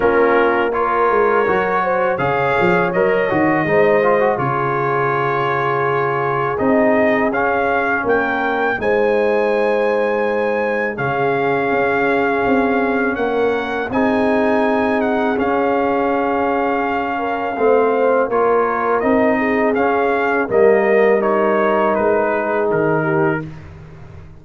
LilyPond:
<<
  \new Staff \with { instrumentName = "trumpet" } { \time 4/4 \tempo 4 = 82 ais'4 cis''2 f''4 | dis''2 cis''2~ | cis''4 dis''4 f''4 g''4 | gis''2. f''4~ |
f''2 fis''4 gis''4~ | gis''8 fis''8 f''2.~ | f''4 cis''4 dis''4 f''4 | dis''4 cis''4 b'4 ais'4 | }
  \new Staff \with { instrumentName = "horn" } { \time 4/4 f'4 ais'4. c''8 cis''4~ | cis''4 c''4 gis'2~ | gis'2. ais'4 | c''2. gis'4~ |
gis'2 ais'4 gis'4~ | gis'2.~ gis'8 ais'8 | c''4 ais'4. gis'4. | ais'2~ ais'8 gis'4 g'8 | }
  \new Staff \with { instrumentName = "trombone" } { \time 4/4 cis'4 f'4 fis'4 gis'4 | ais'8 fis'8 dis'8 f'16 fis'16 f'2~ | f'4 dis'4 cis'2 | dis'2. cis'4~ |
cis'2. dis'4~ | dis'4 cis'2. | c'4 f'4 dis'4 cis'4 | ais4 dis'2. | }
  \new Staff \with { instrumentName = "tuba" } { \time 4/4 ais4. gis8 fis4 cis8 f8 | fis8 dis8 gis4 cis2~ | cis4 c'4 cis'4 ais4 | gis2. cis4 |
cis'4 c'4 ais4 c'4~ | c'4 cis'2. | a4 ais4 c'4 cis'4 | g2 gis4 dis4 | }
>>